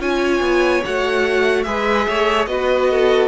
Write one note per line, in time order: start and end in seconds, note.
0.00 0.41 C#4
0.00 0.83 F4
0.00 1.65 C#5
0.00 0.84 G#5
0.41 0.82 B3
0.85 1.67 A3
0.85 1.66 F#4
0.85 1.64 F#5
1.64 2.08 G#3
1.64 2.48 G#4
1.64 2.08 B4
1.64 2.46 E5
2.08 2.47 A3
2.08 2.49 C#5
2.47 3.28 B3
2.47 3.28 F#4
2.47 2.91 B4
2.47 3.28 D#5
2.91 3.28 A4